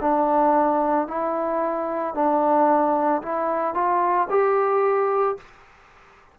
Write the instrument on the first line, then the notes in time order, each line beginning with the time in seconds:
trombone
0.00 D4
1.07 E4
2.14 D4
3.22 E4
3.74 F4
4.30 G4